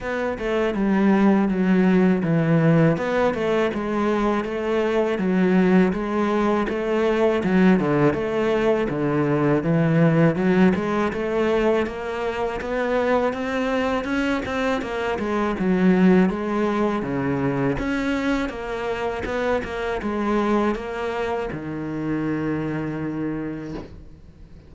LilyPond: \new Staff \with { instrumentName = "cello" } { \time 4/4 \tempo 4 = 81 b8 a8 g4 fis4 e4 | b8 a8 gis4 a4 fis4 | gis4 a4 fis8 d8 a4 | d4 e4 fis8 gis8 a4 |
ais4 b4 c'4 cis'8 c'8 | ais8 gis8 fis4 gis4 cis4 | cis'4 ais4 b8 ais8 gis4 | ais4 dis2. | }